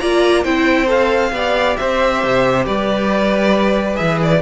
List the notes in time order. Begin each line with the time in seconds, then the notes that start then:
0.00 A#3 F4 D5 A#5
0.44 C4 E4 C5 G5
0.87 A4 F5
1.32 B3 G4 D5
1.77 C4 C5 E5
2.24 C3
2.66 G3 B4 D5
3.96 E3 G#4 E5
4.23 D5